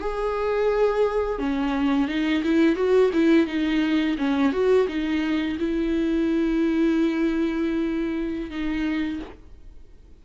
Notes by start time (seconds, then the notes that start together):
0.00 G#4
1.39 C#4
2.08 D#4
2.43 E4
2.76 F#4
3.13 E4
3.47 D#4
4.18 C#4
4.52 F#4
4.88 D#4
5.59 E4
8.50 D#4